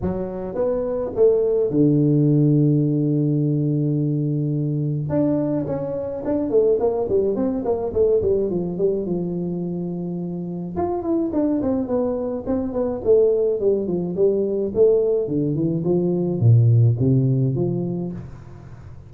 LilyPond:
\new Staff \with { instrumentName = "tuba" } { \time 4/4 \tempo 4 = 106 fis4 b4 a4 d4~ | d1~ | d4 d'4 cis'4 d'8 a8 | ais8 g8 c'8 ais8 a8 g8 f8 g8 |
f2. f'8 e'8 | d'8 c'8 b4 c'8 b8 a4 | g8 f8 g4 a4 d8 e8 | f4 ais,4 c4 f4 | }